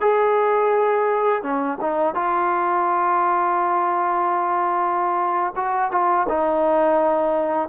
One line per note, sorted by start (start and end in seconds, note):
0.00 1.42 G#4
1.42 1.78 C#4
1.81 2.14 D#4
2.14 5.53 F4
5.56 5.91 F#4
5.91 6.27 F4
6.28 7.68 D#4